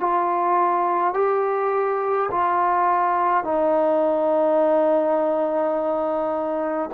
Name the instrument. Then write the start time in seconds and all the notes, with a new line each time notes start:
trombone
0.00 F4
1.14 G4
2.31 F4
3.44 D#4